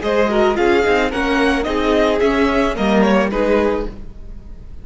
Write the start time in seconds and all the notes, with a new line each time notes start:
0.00 G#3 G#4 C5 D#5
0.30 F#4 A#4
0.55 C#4 F4 G#4 F5
0.84 C4 D#4
1.11 A#3 C#4 A#4 F#5
1.64 C4 D#4 G#4 D#5
2.20 C#4 E5
2.75 G3 A#3 A#4 D#5
3.02 C#5
3.31 G#3 D#4 G#4 B4